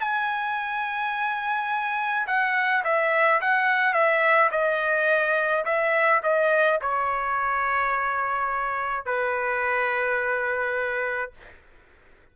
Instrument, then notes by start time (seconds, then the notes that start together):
trumpet
0.00 G#5
2.27 F#5
2.84 E5
3.41 F#5
3.93 E5
4.51 D#5
5.65 E5
6.23 D#5
6.82 C#5
9.06 B4